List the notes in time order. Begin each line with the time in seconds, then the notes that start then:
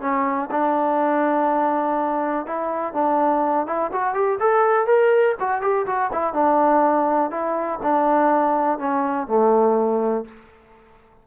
0.00 C#4
0.51 D4
2.46 E4
2.93 D4
3.66 E4
3.92 F#4
4.14 G4
4.39 A4
4.86 A#4
5.39 F#4
5.61 G4
5.86 F#4
6.12 E4
6.33 D4
7.30 E4
7.82 D4
8.78 C#4
9.27 A3